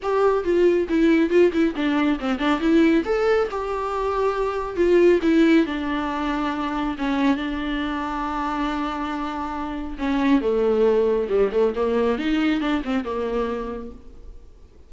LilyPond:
\new Staff \with { instrumentName = "viola" } { \time 4/4 \tempo 4 = 138 g'4 f'4 e'4 f'8 e'8 | d'4 c'8 d'8 e'4 a'4 | g'2. f'4 | e'4 d'2. |
cis'4 d'2.~ | d'2. cis'4 | a2 g8 a8 ais4 | dis'4 d'8 c'8 ais2 | }